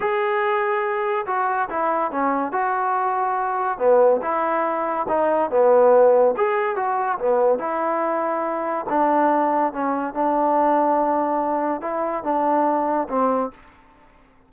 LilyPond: \new Staff \with { instrumentName = "trombone" } { \time 4/4 \tempo 4 = 142 gis'2. fis'4 | e'4 cis'4 fis'2~ | fis'4 b4 e'2 | dis'4 b2 gis'4 |
fis'4 b4 e'2~ | e'4 d'2 cis'4 | d'1 | e'4 d'2 c'4 | }